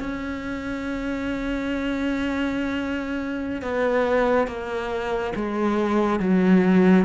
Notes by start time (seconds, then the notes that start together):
0.00 C#4
3.62 B3
4.48 A#3
5.36 G#3
6.20 F#3